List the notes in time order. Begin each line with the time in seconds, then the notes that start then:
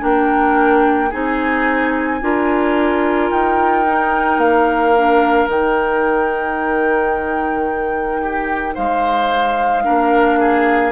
0.00 A#3 D4 A#4 G5
1.09 C4 D#4 G#4 G#5
2.21 D4 F4 A#4
3.31 D#4 G5
3.86 D#4
4.37 A#3 F5
4.96 D4
5.48 D#3 D#4 G5
8.22 G4
8.74 G#3 C5 F5
9.83 A#3 D4 A#4
10.40 G#4